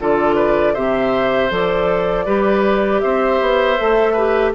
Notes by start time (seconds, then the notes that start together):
0.00 D3 F4 A4 D5
0.36 B4
0.74 C3 G4 C5 E5
1.50 F3 A4 D5
2.26 G3 G4 B4
3.01 C4 C5 E5
3.41 B3
3.77 A3 A4
4.13 G4 B4